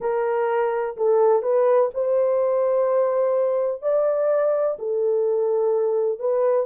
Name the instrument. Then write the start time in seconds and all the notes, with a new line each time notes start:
horn
0.00 A#4
0.97 A4
1.42 B4
1.94 C5
3.81 D5
4.78 A4
6.19 B4